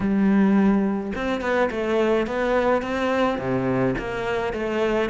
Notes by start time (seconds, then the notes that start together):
0.00 G3
1.15 C4
1.41 B3
1.71 A3
2.26 B3
2.82 C4
3.38 C3
3.98 A#3
4.53 A3